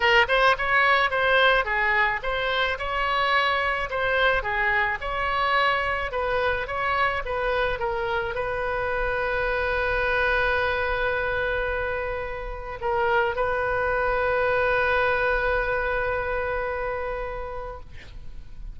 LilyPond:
\new Staff \with { instrumentName = "oboe" } { \time 4/4 \tempo 4 = 108 ais'8 c''8 cis''4 c''4 gis'4 | c''4 cis''2 c''4 | gis'4 cis''2 b'4 | cis''4 b'4 ais'4 b'4~ |
b'1~ | b'2. ais'4 | b'1~ | b'1 | }